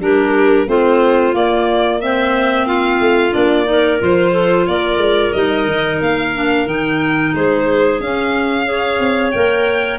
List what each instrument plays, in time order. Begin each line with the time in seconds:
0.00 tuba G3, clarinet D4 G4, violin A#4
0.67 tuba A3, clarinet C4 F4, violin C5
1.33 clarinet A#3, tuba A#3, violin D5
2.01 clarinet C4 C5, violin E5
2.66 clarinet F4, violin F5
3.00 tuba A3
3.32 tuba A#3, clarinet D4, violin D5
3.65 clarinet D#4 A#4
4.00 tuba F3, clarinet F4, violin C5
4.32 clarinet A4
4.67 tuba A#3, clarinet A#4, violin D5
4.97 tuba G#3
5.32 tuba G3, clarinet D#4, violin D#5
5.65 tuba D#3
6.01 tuba A#3, violin F5
6.34 clarinet D4
6.66 tuba D#3, clarinet D#4, violin G5
7.34 tuba G#3, clarinet G#4, violin C5
8.00 tuba C#4, clarinet C#4, violin F5
8.65 clarinet G#4 C#5
8.99 tuba C4
9.31 tuba A#3, clarinet A#4, violin G5